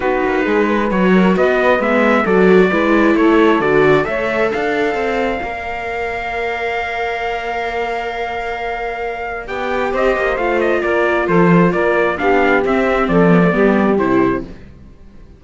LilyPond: <<
  \new Staff \with { instrumentName = "trumpet" } { \time 4/4 \tempo 4 = 133 b'2 cis''4 dis''4 | e''4 d''2 cis''4 | d''4 e''4 f''2~ | f''1~ |
f''1~ | f''4 g''4 dis''4 f''8 dis''8 | d''4 c''4 d''4 f''4 | e''4 d''2 c''4 | }
  \new Staff \with { instrumentName = "saxophone" } { \time 4/4 fis'4 gis'8 b'4 ais'8 b'4~ | b'4 a'4 b'4 a'4~ | a'4 cis''4 d''2~ | d''1~ |
d''1~ | d''2 c''2 | ais'4 a'4 ais'4 g'4~ | g'4 a'4 g'2 | }
  \new Staff \with { instrumentName = "viola" } { \time 4/4 dis'2 fis'2 | b4 fis'4 e'2 | fis'4 a'2. | ais'1~ |
ais'1~ | ais'4 g'2 f'4~ | f'2. d'4 | c'4. b16 a16 b4 e'4 | }
  \new Staff \with { instrumentName = "cello" } { \time 4/4 b8 ais8 gis4 fis4 b4 | gis4 fis4 gis4 a4 | d4 a4 d'4 c'4 | ais1~ |
ais1~ | ais4 b4 c'8 ais8 a4 | ais4 f4 ais4 b4 | c'4 f4 g4 c4 | }
>>